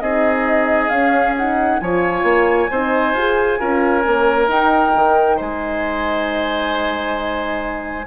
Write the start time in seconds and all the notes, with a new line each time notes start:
0.00 C4 D#4 G#4 D#5
0.88 C#4 F5
1.37 D#4 F#5
1.79 F3 F4 C#5 G#5
2.23 A#3
2.70 C4 D#4 C5
3.13 F4 G#4
3.59 C#4 F4 A#4
4.03 A#3 C#4
4.46 D#4 G5
4.95 D#3
5.36 G#3 C5 G#5